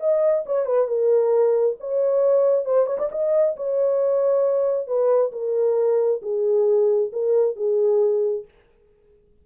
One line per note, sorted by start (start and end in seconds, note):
0.00 0.44 D#5
0.46 0.66 C#5
0.66 0.88 B4
0.88 1.77 A#4
1.80 2.65 C#5
2.65 2.86 C5
2.86 2.98 C#5
2.98 3.09 D5
3.12 3.56 D#5
3.56 4.87 C#5
4.87 5.32 B4
5.32 6.21 A#4
6.22 7.11 G#4
7.12 7.56 A#4
7.56 8.45 G#4